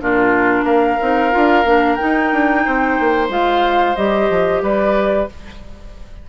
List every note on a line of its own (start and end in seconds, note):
0.00 0.63 A#2
0.00 0.99 D4
0.00 0.64 F4
0.00 0.64 A#4
0.63 0.96 A#3
0.63 2.62 A#4
0.63 1.95 F5
1.00 1.34 C4
1.00 1.31 D#4
1.31 1.65 D4
1.31 1.64 F4
1.65 1.98 A#3
1.65 1.98 D4
1.95 3.29 D#4
1.95 3.27 G5
2.02 2.32 D#4
2.32 2.65 D4
2.65 2.99 C4
2.65 4.62 C5
2.99 3.29 A#3
3.29 3.95 G#3
3.29 3.95 F4
3.29 3.95 F5
3.95 4.29 G3
3.95 5.29 G4
3.95 4.61 D#5
4.29 4.61 F3
4.61 5.27 G3
4.61 5.28 B4
4.61 5.29 D5